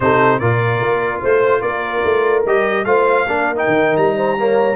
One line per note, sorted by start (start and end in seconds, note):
0.00 0.40 C3
0.00 0.40 D#4
0.00 0.40 A4
0.00 0.39 C5
0.39 0.80 A#2
0.39 2.44 F4
0.39 1.20 A#4
0.39 1.21 D5
0.80 1.21 A#3
1.20 1.61 A3
1.20 1.61 C5
1.61 2.02 A#3
1.61 2.87 A#4
1.61 2.43 D5
2.03 2.44 A3
2.45 2.84 G3
2.45 2.85 G4
2.45 2.85 D#5
2.84 3.24 A3
2.84 3.26 F4
2.84 3.27 C5
2.84 3.56 F5
3.24 3.65 A#3
3.24 3.55 D4
3.24 4.16 A#4
3.55 4.37 D#4
3.55 3.96 G5
3.67 3.97 D#3
3.96 4.75 G3
3.96 4.75 A#5
4.16 4.37 C5
4.39 4.75 A#3
4.39 4.75 C#5